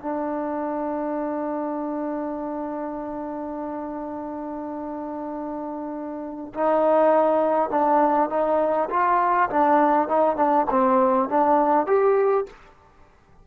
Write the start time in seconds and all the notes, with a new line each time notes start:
0.00 D4
6.54 D#4
7.70 D4
8.30 D#4
8.90 F4
9.50 D4
10.09 D#4
10.36 D4
10.70 C4
11.29 D4
11.86 G4